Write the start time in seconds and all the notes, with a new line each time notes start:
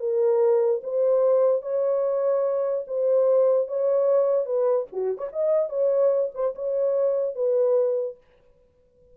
0.00 A#4
0.83 C5
1.63 C#5
2.87 C5
3.68 C#5
4.46 B4
4.93 F#4
5.18 C#5
5.33 D#5
5.70 C#5
6.35 C5
6.55 C#5
7.36 B4